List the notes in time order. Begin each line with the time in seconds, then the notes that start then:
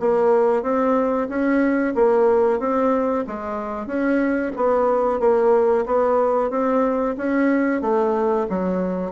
0.00 A#3
0.63 C4
1.30 C#4
1.95 A#3
2.60 C4
3.27 G#3
3.87 C#4
4.56 B3
5.20 A#3
5.86 B3
6.50 C4
7.18 C#4
7.81 A3
8.50 F#3